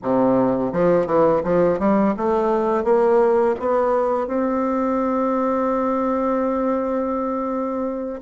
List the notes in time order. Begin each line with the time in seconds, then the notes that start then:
0.02 C3
0.72 F3
1.06 E3
1.43 F3
1.79 G3
2.16 A3
2.83 A#3
3.59 B3
4.27 C4